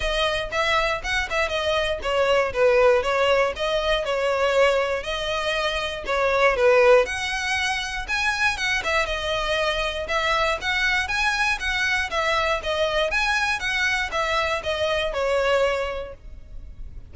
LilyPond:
\new Staff \with { instrumentName = "violin" } { \time 4/4 \tempo 4 = 119 dis''4 e''4 fis''8 e''8 dis''4 | cis''4 b'4 cis''4 dis''4 | cis''2 dis''2 | cis''4 b'4 fis''2 |
gis''4 fis''8 e''8 dis''2 | e''4 fis''4 gis''4 fis''4 | e''4 dis''4 gis''4 fis''4 | e''4 dis''4 cis''2 | }